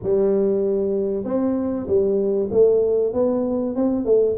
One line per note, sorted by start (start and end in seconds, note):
0.03 1.24 G3
1.24 1.87 C4
1.87 2.49 G3
2.51 3.13 A3
3.13 3.75 B3
3.75 4.05 C4
4.05 4.36 A3